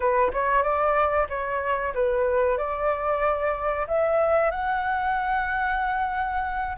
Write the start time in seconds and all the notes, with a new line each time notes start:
0.00 B4
0.33 C#5
0.62 D5
1.29 C#5
1.94 B4
2.57 D5
3.87 E5
4.50 F#5